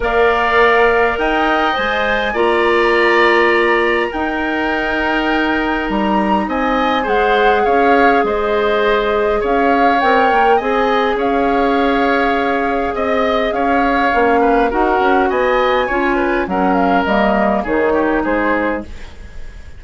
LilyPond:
<<
  \new Staff \with { instrumentName = "flute" } { \time 4/4 \tempo 4 = 102 f''2 g''4 gis''4 | ais''2. g''4~ | g''2 ais''4 gis''4 | fis''4 f''4 dis''2 |
f''4 g''4 gis''4 f''4~ | f''2 dis''4 f''4~ | f''4 fis''4 gis''2 | fis''8 f''8 dis''4 cis''4 c''4 | }
  \new Staff \with { instrumentName = "oboe" } { \time 4/4 d''2 dis''2 | d''2. ais'4~ | ais'2. dis''4 | c''4 cis''4 c''2 |
cis''2 dis''4 cis''4~ | cis''2 dis''4 cis''4~ | cis''8 b'8 ais'4 dis''4 cis''8 b'8 | ais'2 gis'8 g'8 gis'4 | }
  \new Staff \with { instrumentName = "clarinet" } { \time 4/4 ais'2. c''4 | f'2. dis'4~ | dis'1 | gis'1~ |
gis'4 ais'4 gis'2~ | gis'1 | cis'4 fis'2 f'4 | cis'4 ais4 dis'2 | }
  \new Staff \with { instrumentName = "bassoon" } { \time 4/4 ais2 dis'4 gis4 | ais2. dis'4~ | dis'2 g4 c'4 | gis4 cis'4 gis2 |
cis'4 c'8 ais8 c'4 cis'4~ | cis'2 c'4 cis'4 | ais4 dis'8 cis'8 b4 cis'4 | fis4 g4 dis4 gis4 | }
>>